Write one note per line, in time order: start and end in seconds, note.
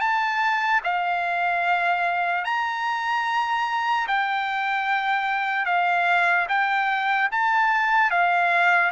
0.00 0.81 A5
0.84 2.45 F5
2.45 4.07 A#5
4.08 5.66 G5
5.66 6.47 F5
6.49 7.30 G5
7.31 8.10 A5
8.10 8.92 F5